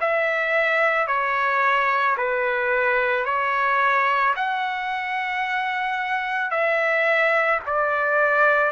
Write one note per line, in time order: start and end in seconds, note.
0.00 1.07 E5
1.07 2.16 C#5
2.17 3.25 B4
3.25 4.34 C#5
4.35 6.51 F#5
6.51 7.60 E5
7.66 8.71 D5